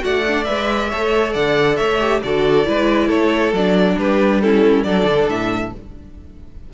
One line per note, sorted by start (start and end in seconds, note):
0.00 0.48 A3
0.00 0.22 F#4
0.00 0.89 D5
0.00 0.44 F#5
0.27 0.45 D4
0.44 0.93 G#3
0.44 0.89 B4
0.44 1.32 E5
0.89 1.35 A3
0.89 2.00 A4
0.89 1.33 C#5
1.33 1.79 D3
1.33 1.77 D5
1.33 1.76 F#5
1.76 2.23 A3
1.76 2.21 C#5
1.76 2.20 E5
2.00 2.22 G4
2.23 2.67 D3
2.23 2.65 F#4
2.23 2.68 A4
2.23 3.09 D5
2.65 3.09 G#3
2.65 3.53 E4
2.65 3.07 B4
3.07 3.52 A3
3.07 3.95 A4
3.07 3.53 C#5
3.52 3.96 F#3
3.52 4.43 D4
3.52 3.98 D5
3.98 4.85 G3
3.98 4.42 G4
3.98 4.41 B4
4.41 4.85 C#4
4.41 4.86 E4
4.41 4.84 A4
4.84 5.05 F#3
4.84 5.73 D4
4.84 5.73 A4
4.84 5.27 D5
5.05 5.26 D3
5.28 5.72 A2
5.28 5.73 E5